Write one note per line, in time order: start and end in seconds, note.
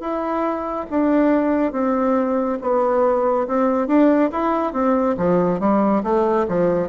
0.00 0.86 E4
0.90 1.73 D4
1.73 2.58 C4
2.61 3.47 B3
3.48 3.87 C4
3.87 4.30 D4
4.32 4.73 E4
4.73 5.16 C4
5.18 5.60 F3
5.60 6.03 G3
6.04 6.46 A3
6.48 6.89 F3